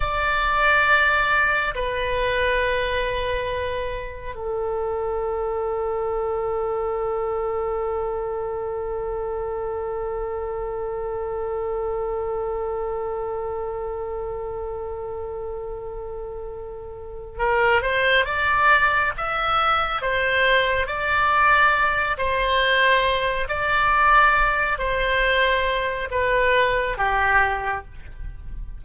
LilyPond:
\new Staff \with { instrumentName = "oboe" } { \time 4/4 \tempo 4 = 69 d''2 b'2~ | b'4 a'2.~ | a'1~ | a'1~ |
a'1 | ais'8 c''8 d''4 e''4 c''4 | d''4. c''4. d''4~ | d''8 c''4. b'4 g'4 | }